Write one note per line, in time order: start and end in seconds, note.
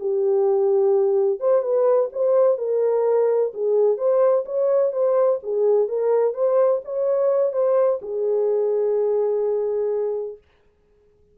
0.00 1.40 G4
1.40 1.62 C5
1.62 2.10 B4
2.13 2.58 C5
2.58 3.53 A#4
3.54 3.98 G#4
3.98 4.45 C5
4.46 4.93 C#5
4.93 5.40 C5
5.44 5.89 G#4
5.89 6.34 A#4
6.34 6.81 C5
6.85 7.53 C#5
7.53 8.00 C5
8.02 10.38 G#4